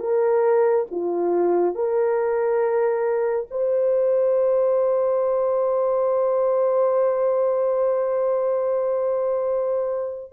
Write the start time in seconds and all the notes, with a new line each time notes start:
0.00 A#4
0.91 F4
1.75 A#4
3.51 C5